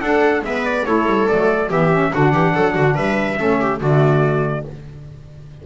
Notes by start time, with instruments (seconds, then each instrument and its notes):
0.00 double bass D4, saxophone D4, viola A4, trumpet F#5
0.41 double bass G#3, saxophone B3, viola B4, trumpet E5
0.64 trumpet D5
0.85 double bass A3, saxophone E4, viola A4, trumpet C#5
1.05 double bass G3
1.27 double bass F#3, saxophone A3, trumpet D5
1.68 double bass E3, saxophone B3, viola G4, trumpet E5
1.90 saxophone C#4
2.12 double bass D3, saxophone D4, viola F#4, trumpet F#5
2.32 double bass E3, viola G4
2.54 double bass F#3, viola A4
2.74 double bass D3, viola F#4
2.94 double bass G3, viola B4, trumpet E5
3.36 double bass A3, saxophone C#4, viola A4
3.60 viola G4
3.79 double bass D3, saxophone A3, viola F#4, trumpet D5